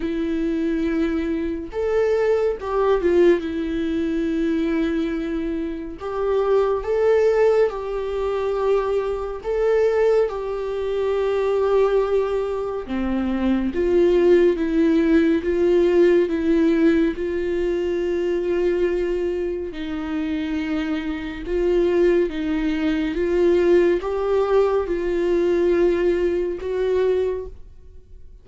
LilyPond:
\new Staff \with { instrumentName = "viola" } { \time 4/4 \tempo 4 = 70 e'2 a'4 g'8 f'8 | e'2. g'4 | a'4 g'2 a'4 | g'2. c'4 |
f'4 e'4 f'4 e'4 | f'2. dis'4~ | dis'4 f'4 dis'4 f'4 | g'4 f'2 fis'4 | }